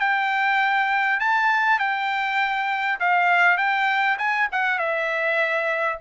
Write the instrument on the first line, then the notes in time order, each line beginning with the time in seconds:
trumpet
0.00 G5
1.19 A5
1.79 G5
3.00 F5
3.57 G5
4.18 G#5
4.52 F#5
4.79 E5